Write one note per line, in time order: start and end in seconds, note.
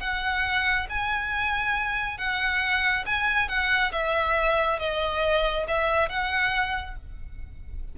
0.00 0.87 F#5
0.90 2.18 G#5
2.18 3.05 F#5
3.06 3.48 G#5
3.48 3.92 F#5
3.92 4.79 E5
4.79 5.66 D#5
5.68 6.09 E5
6.09 6.96 F#5